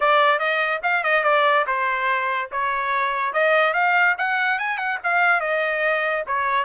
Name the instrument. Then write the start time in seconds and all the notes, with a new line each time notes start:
trumpet
0.00 D5
0.39 D#5
0.83 F5
1.03 D#5
1.23 D5
1.66 C5
2.51 C#5
3.33 D#5
3.73 F5
4.18 F#5
4.59 G#5
4.77 F#5
5.03 F5
5.40 D#5
6.26 C#5